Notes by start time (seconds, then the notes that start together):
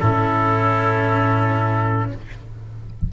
0.00 A2 C#4 E4 A4